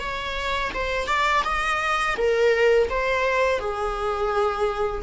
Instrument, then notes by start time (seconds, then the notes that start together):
viola
0.00 C#5
0.74 C5
1.07 D5
1.45 D#5
2.18 A#4
2.90 C5
3.60 G#4